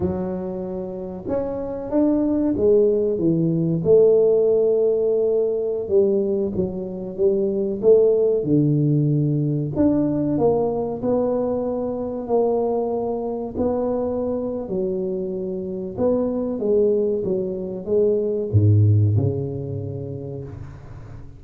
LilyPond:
\new Staff \with { instrumentName = "tuba" } { \time 4/4 \tempo 4 = 94 fis2 cis'4 d'4 | gis4 e4 a2~ | a4~ a16 g4 fis4 g8.~ | g16 a4 d2 d'8.~ |
d'16 ais4 b2 ais8.~ | ais4~ ais16 b4.~ b16 fis4~ | fis4 b4 gis4 fis4 | gis4 gis,4 cis2 | }